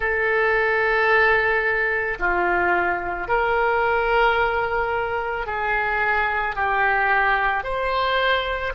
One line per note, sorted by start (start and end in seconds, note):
0.00 2.18 A4
2.19 3.28 F4
3.28 5.46 A#4
5.46 6.55 G#4
6.55 7.63 G4
7.63 8.72 C5